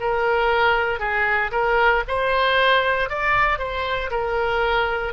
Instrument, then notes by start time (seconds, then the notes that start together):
oboe
0.00 A#4
0.99 G#4
1.51 A#4
2.07 C5
3.09 D5
3.58 C5
4.11 A#4